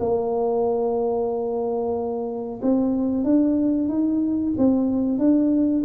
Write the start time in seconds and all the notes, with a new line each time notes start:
0.00 A#3
2.63 C4
3.25 D4
3.89 D#4
4.58 C4
5.19 D4